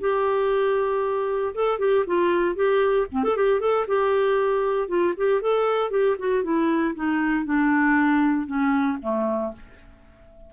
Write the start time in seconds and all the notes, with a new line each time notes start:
0.00 G4
1.54 A4
1.79 G4
2.06 F4
2.55 G4
3.11 C4
3.23 A4
3.36 G4
3.60 A4
3.87 G4
4.88 F4
5.17 G4
5.41 A4
5.90 G4
6.18 F#4
6.43 E4
6.95 D#4
7.45 D4
8.46 C#4
9.01 A3